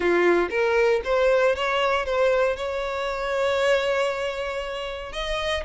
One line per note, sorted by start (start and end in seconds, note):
0.00 0.49 F4
0.50 1.01 A#4
1.04 1.55 C5
1.55 2.05 C#5
2.05 2.56 C5
2.56 5.12 C#5
5.12 5.63 D#5